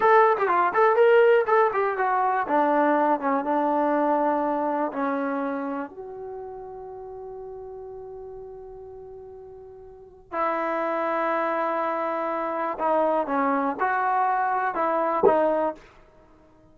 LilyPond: \new Staff \with { instrumentName = "trombone" } { \time 4/4 \tempo 4 = 122 a'8. g'16 f'8 a'8 ais'4 a'8 g'8 | fis'4 d'4. cis'8 d'4~ | d'2 cis'2 | fis'1~ |
fis'1~ | fis'4 e'2.~ | e'2 dis'4 cis'4 | fis'2 e'4 dis'4 | }